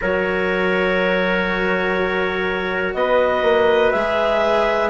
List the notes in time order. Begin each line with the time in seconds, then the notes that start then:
0.01 F#3 F#4 A#4 C#5
2.94 B3 B4 D#5
3.42 A#3
3.91 G#3 G#4 E5